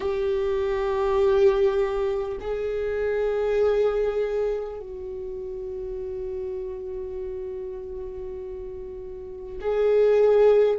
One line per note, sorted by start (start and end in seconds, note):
0.00 2.37 G4
2.40 4.79 G#4
4.79 9.59 F#4
9.61 10.78 G#4